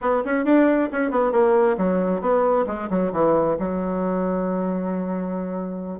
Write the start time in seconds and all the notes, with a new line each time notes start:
0.01 B3
0.24 C#4
0.44 D4
0.92 C#4
1.11 B3
1.32 A#3
1.77 F#3
2.21 B3
2.66 G#3
2.89 F#3
3.12 E3
3.59 F#3